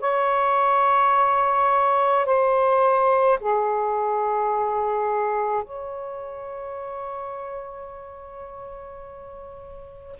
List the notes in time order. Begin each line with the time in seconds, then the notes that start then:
0.00 C#5
2.26 C5
3.40 G#4
5.63 C#5